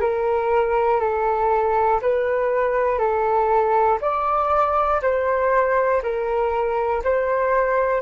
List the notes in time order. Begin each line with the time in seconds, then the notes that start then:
0.00 A#4
1.00 A4
2.02 B4
2.99 A4
4.01 D5
5.02 C5
6.02 A#4
7.04 C5